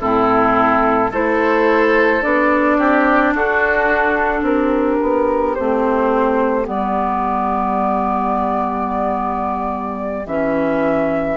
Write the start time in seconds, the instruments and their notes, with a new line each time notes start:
0.00 bassoon A2, clarinet C4, oboe E4, flute A4
1.10 bassoon A3, clarinet E4, oboe A4, flute C5
2.22 bassoon B3, clarinet D4, flute D5
2.78 bassoon C4, oboe G4
3.34 bassoon D4, oboe F#4, flute A4
4.42 bassoon C4, oboe G4, flute A#4
5.02 bassoon B3
5.55 bassoon A3, clarinet C4, flute C5
6.64 bassoon G3, clarinet B3, flute D5
10.26 bassoon E3, clarinet C#4, flute E5